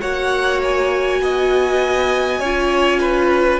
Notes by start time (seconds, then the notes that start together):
0.00 A#3 F#4 C#5 F#5
0.62 G#5
1.20 B3 D#5
2.39 C#4 F4 C#5
3.00 B4